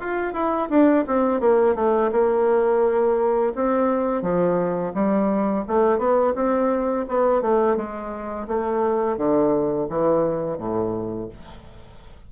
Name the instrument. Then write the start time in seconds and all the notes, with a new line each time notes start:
bassoon
0.00 F4
0.33 E4
0.70 D4
1.07 C4
1.41 A#3
1.76 A3
2.12 A#3
3.56 C4
4.22 F3
4.94 G3
5.68 A3
5.98 B3
6.35 C4
7.08 B3
7.42 A3
7.76 G#3
8.48 A3
9.17 D3
9.89 E3
10.58 A2